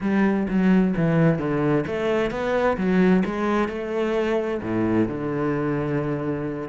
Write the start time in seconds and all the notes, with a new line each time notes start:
0.01 G3
0.48 F#3
0.96 E3
1.38 D3
1.86 A3
2.30 B3
2.77 F#3
3.25 G#3
3.68 A3
4.62 A2
5.08 D3